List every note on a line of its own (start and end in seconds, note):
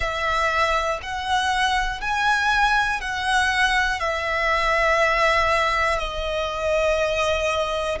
0.00 1.00 E5
1.02 2.00 F#5
2.00 3.00 G#5
3.00 4.00 F#5
4.00 5.98 E5
5.98 7.98 D#5